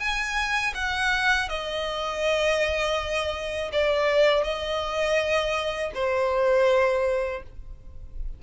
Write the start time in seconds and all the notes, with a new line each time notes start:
0.00 G#5
0.75 F#5
1.49 D#5
3.73 D5
4.44 D#5
5.95 C5